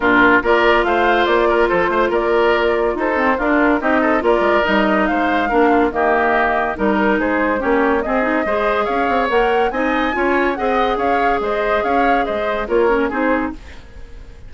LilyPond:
<<
  \new Staff \with { instrumentName = "flute" } { \time 4/4 \tempo 4 = 142 ais'4 d''4 f''4 d''4 | c''4 d''2 c''4 | ais'4 dis''4 d''4 dis''4 | f''2 dis''2 |
ais'4 c''4 cis''4 dis''4~ | dis''4 f''4 fis''4 gis''4~ | gis''4 fis''4 f''4 dis''4 | f''4 dis''4 cis''4 c''4 | }
  \new Staff \with { instrumentName = "oboe" } { \time 4/4 f'4 ais'4 c''4. ais'8 | a'8 c''8 ais'2 a'4 | f'4 g'8 a'8 ais'2 | c''4 ais'8 f'8 g'2 |
ais'4 gis'4 g'4 gis'4 | c''4 cis''2 dis''4 | cis''4 dis''4 cis''4 c''4 | cis''4 c''4 ais'4 gis'4 | }
  \new Staff \with { instrumentName = "clarinet" } { \time 4/4 d'4 f'2.~ | f'2.~ f'8 c'8 | d'4 dis'4 f'4 dis'4~ | dis'4 d'4 ais2 |
dis'2 cis'4 c'8 dis'8 | gis'2 ais'4 dis'4 | f'4 gis'2.~ | gis'2 f'8 cis'8 dis'4 | }
  \new Staff \with { instrumentName = "bassoon" } { \time 4/4 ais,4 ais4 a4 ais4 | f8 a8 ais2 dis'4 | d'4 c'4 ais8 gis8 g4 | gis4 ais4 dis2 |
g4 gis4 ais4 c'4 | gis4 cis'8 c'8 ais4 c'4 | cis'4 c'4 cis'4 gis4 | cis'4 gis4 ais4 c'4 | }
>>